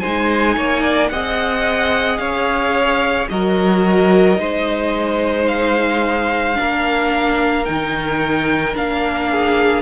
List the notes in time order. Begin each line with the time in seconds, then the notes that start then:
0.00 G#3 D#4 C5 G#5
0.57 A#3 C#5
0.83 D5
1.09 C4 G#4 D#5 F#5
2.17 C#4 C#5 F5
3.29 F#3 F#4 A#4 D#5
4.36 G#3 D#4 C5
5.47 F5
6.55 A#3 D4 A#4
7.65 D#3 D#4 G5
8.74 A#3 D4 F5
9.30 G#4